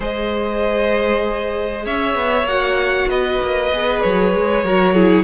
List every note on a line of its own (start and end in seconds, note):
0.00 1.86 G#3
0.00 2.44 G#4
0.00 1.85 C5
0.00 1.86 D#5
1.85 2.15 C#4
1.85 3.09 C#5
1.85 2.47 E5
2.15 2.43 B3
2.43 3.05 A#3
2.43 3.71 F#4
2.43 3.09 F#5
3.07 3.38 B3
3.07 4.64 B4
3.07 4.01 D#5
3.42 3.72 A#3
3.72 4.03 B3
3.72 4.65 G#4
4.01 4.34 F#3
4.01 5.24 C#5
4.34 4.63 G#3
4.63 5.24 F#3
4.63 4.95 F#4
4.63 4.94 A#4
4.94 5.24 E4
4.94 5.24 G#4